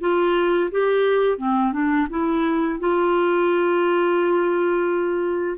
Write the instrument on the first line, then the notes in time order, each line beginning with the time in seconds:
clarinet
0.00 F4
0.71 G4
1.38 C4
1.72 D4
2.10 E4
2.79 F4